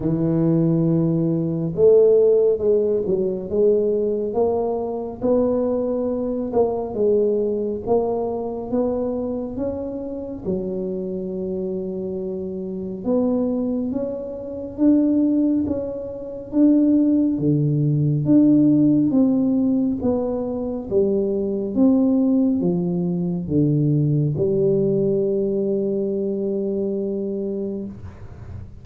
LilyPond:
\new Staff \with { instrumentName = "tuba" } { \time 4/4 \tempo 4 = 69 e2 a4 gis8 fis8 | gis4 ais4 b4. ais8 | gis4 ais4 b4 cis'4 | fis2. b4 |
cis'4 d'4 cis'4 d'4 | d4 d'4 c'4 b4 | g4 c'4 f4 d4 | g1 | }